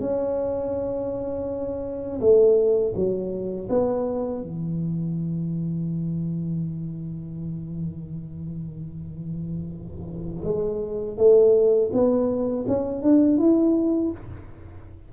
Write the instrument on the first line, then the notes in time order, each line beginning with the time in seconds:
tuba
0.00 C#4
2.20 A3
2.95 F#3
3.69 B3
4.42 E3
10.44 G#3
11.17 A3
11.92 B3
12.67 C#4
13.02 D4
13.37 E4